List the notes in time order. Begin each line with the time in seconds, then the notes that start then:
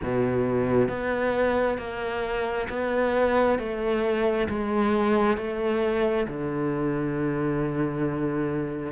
0.02 B2
0.88 B3
1.77 A#3
2.69 B3
3.58 A3
4.48 G#3
5.37 A3
6.27 D3